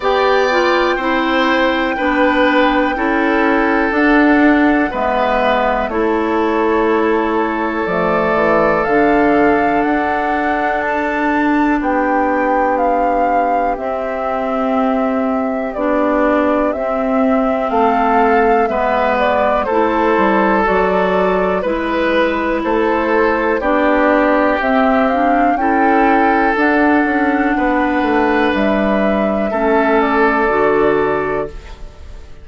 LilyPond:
<<
  \new Staff \with { instrumentName = "flute" } { \time 4/4 \tempo 4 = 61 g''1 | fis''4 e''4 cis''2 | d''4 f''4 fis''4 a''4 | g''4 f''4 e''2 |
d''4 e''4 f''4 e''8 d''8 | c''4 d''4 b'4 c''4 | d''4 e''8 f''8 g''4 fis''4~ | fis''4 e''4. d''4. | }
  \new Staff \with { instrumentName = "oboe" } { \time 4/4 d''4 c''4 b'4 a'4~ | a'4 b'4 a'2~ | a'1 | g'1~ |
g'2 a'4 b'4 | a'2 b'4 a'4 | g'2 a'2 | b'2 a'2 | }
  \new Staff \with { instrumentName = "clarinet" } { \time 4/4 g'8 f'8 e'4 d'4 e'4 | d'4 b4 e'2 | a4 d'2.~ | d'2 c'2 |
d'4 c'2 b4 | e'4 fis'4 e'2 | d'4 c'8 d'8 e'4 d'4~ | d'2 cis'4 fis'4 | }
  \new Staff \with { instrumentName = "bassoon" } { \time 4/4 b4 c'4 b4 cis'4 | d'4 gis4 a2 | f8 e8 d4 d'2 | b2 c'2 |
b4 c'4 a4 gis4 | a8 g8 fis4 gis4 a4 | b4 c'4 cis'4 d'8 cis'8 | b8 a8 g4 a4 d4 | }
>>